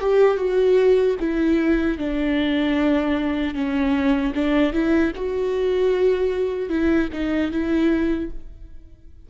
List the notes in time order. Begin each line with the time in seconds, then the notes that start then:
0.00 G4
0.37 F#4
1.20 E4
1.98 D4
3.55 C#4
4.35 D4
4.73 E4
5.16 F#4
6.70 E4
7.13 D#4
7.51 E4